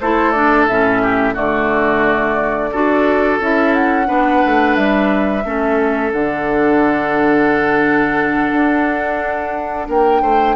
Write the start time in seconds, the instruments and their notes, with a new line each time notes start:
0.00 bassoon A3, clarinet E4, oboe A4, flute C5
0.31 clarinet D4, flute D5
0.67 bassoon A2, clarinet C#4, flute E5
1.02 oboe G4
1.34 bassoon D3, clarinet A3, oboe F#4, flute D5
2.71 bassoon D4, clarinet F#4, oboe A4
3.40 bassoon C#4, clarinet E4, flute E5
3.74 flute F#5
4.06 bassoon B3, clarinet D4, oboe B4
4.45 bassoon A3
4.75 bassoon G3, flute E5
5.44 bassoon A3, clarinet C#4, oboe A4
6.12 bassoon D3, clarinet D4, flute F#5
8.52 bassoon D4
9.87 bassoon A#3, oboe A#4, flute G5
10.21 bassoon A3, oboe C5